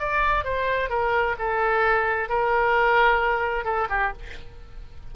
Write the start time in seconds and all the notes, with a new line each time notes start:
0.00 D5
0.44 C5
0.90 A#4
1.39 A4
2.30 A#4
3.65 A4
3.90 G4